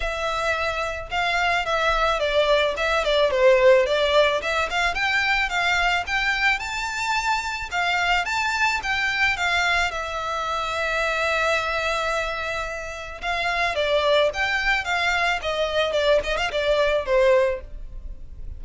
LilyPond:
\new Staff \with { instrumentName = "violin" } { \time 4/4 \tempo 4 = 109 e''2 f''4 e''4 | d''4 e''8 d''8 c''4 d''4 | e''8 f''8 g''4 f''4 g''4 | a''2 f''4 a''4 |
g''4 f''4 e''2~ | e''1 | f''4 d''4 g''4 f''4 | dis''4 d''8 dis''16 f''16 d''4 c''4 | }